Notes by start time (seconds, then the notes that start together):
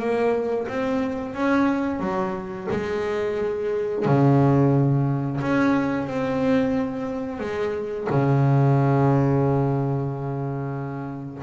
0.00 A#3
0.68 C4
1.35 C#4
2.00 F#3
2.71 G#3
4.06 C#3
5.42 C#4
6.08 C4
7.40 G#3
8.10 C#3